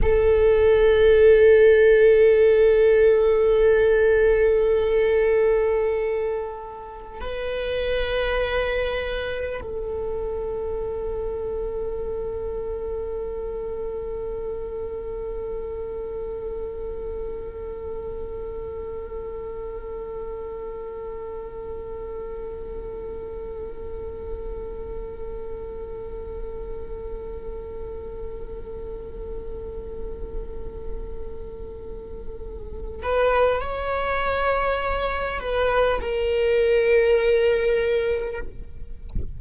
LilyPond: \new Staff \with { instrumentName = "viola" } { \time 4/4 \tempo 4 = 50 a'1~ | a'2 b'2 | a'1~ | a'1~ |
a'1~ | a'1~ | a'2.~ a'8 b'8 | cis''4. b'8 ais'2 | }